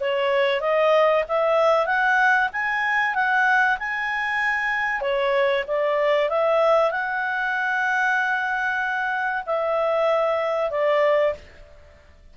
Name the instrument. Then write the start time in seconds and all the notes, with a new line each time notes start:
clarinet
0.00 C#5
0.60 D#5
1.28 E5
1.86 F#5
2.52 G#5
3.15 F#5
3.79 G#5
5.01 C#5
5.67 D5
6.29 E5
6.91 F#5
9.46 E5
10.70 D5